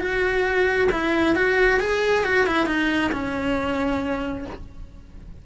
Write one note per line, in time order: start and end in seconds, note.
0.00 0.89 F#4
0.92 1.36 E4
1.36 1.80 F#4
1.80 2.25 G#4
2.25 2.47 F#4
2.47 2.67 E4
2.67 3.11 D#4
3.12 4.45 C#4